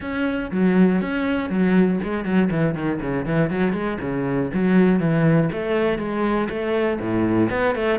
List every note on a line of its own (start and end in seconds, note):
0.00 0.50 C#4
0.51 1.01 F#3
1.01 1.49 C#4
1.49 1.99 F#3
2.03 2.24 G#3
2.24 2.49 F#3
2.50 2.75 E3
2.75 3.00 D#3
3.00 3.25 C#3
3.25 3.50 E3
3.50 3.72 F#3
3.72 3.97 G#3
4.00 4.50 C#3
4.53 4.99 F#3
4.99 5.49 E3
5.52 5.98 A3
5.98 6.48 G#3
6.49 6.99 A3
7.00 7.50 A2
7.50 7.75 B3
7.75 7.99 A3